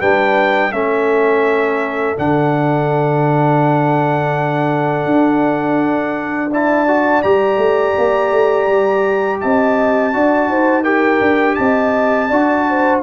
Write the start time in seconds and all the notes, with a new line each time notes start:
0.00 G3 D4 B4 G5
0.71 A3 C#4 A4 E5
2.17 D3 D4 F#5
5.05 D4
6.51 E4 D5 A5
6.88 F#4
7.23 G3 G4 A#5
7.57 A3
7.98 A#3
8.32 A3
8.68 G3
9.41 C4 D#5 A5
10.13 D4 F#4 D5
10.48 D#4 C5
10.83 G4 A#4 G5
11.21 D4
11.55 C4 D#5 A5
12.29 D4 F#4 D5
12.69 C5